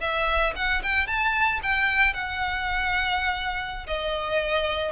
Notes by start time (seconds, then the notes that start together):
0.00 E5
0.56 F#5
0.83 G5
1.07 A5
1.62 G5
2.14 F#5
3.87 D#5